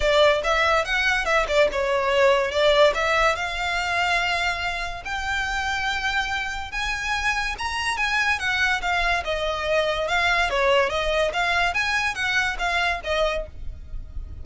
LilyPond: \new Staff \with { instrumentName = "violin" } { \time 4/4 \tempo 4 = 143 d''4 e''4 fis''4 e''8 d''8 | cis''2 d''4 e''4 | f''1 | g''1 |
gis''2 ais''4 gis''4 | fis''4 f''4 dis''2 | f''4 cis''4 dis''4 f''4 | gis''4 fis''4 f''4 dis''4 | }